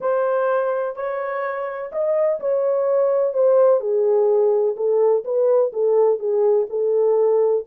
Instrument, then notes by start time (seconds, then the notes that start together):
horn
0.00 C5
0.95 C#5
1.92 D#5
2.39 C#5
3.33 C5
3.80 G#4
4.76 A4
5.24 B4
5.72 A4
6.19 G#4
6.69 A4